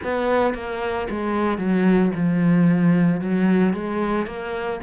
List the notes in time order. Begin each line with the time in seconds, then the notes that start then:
0.03 B3
0.54 A#3
1.10 G#3
1.58 F#3
2.14 F3
3.20 F#3
3.73 G#3
4.26 A#3